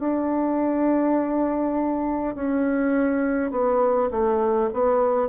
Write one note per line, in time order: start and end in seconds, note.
0.00 2.35 D4
2.35 3.51 C#4
3.51 4.10 B3
4.11 4.70 A3
4.74 5.29 B3